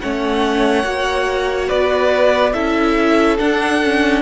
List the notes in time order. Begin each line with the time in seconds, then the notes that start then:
0.00 A3 C#4 C#5 F#5
0.83 A#3 F#4
1.68 B3 B4 D5
2.53 C#4 E4 A4 E5
3.37 D4 F#5
3.83 C#4